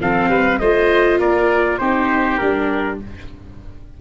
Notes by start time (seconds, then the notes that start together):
0.00 F3 C4 A4 F5
0.28 G3 B4
0.59 A3 F4 C5 D#5
1.19 A#3 A#4 D5
1.78 C4 D#4 G4 C5
2.38 G3 D4 A#4